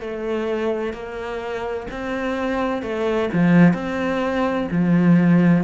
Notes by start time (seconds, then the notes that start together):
0.00 A3
0.93 A#3
1.91 C4
2.82 A3
3.33 F3
3.74 C4
4.71 F3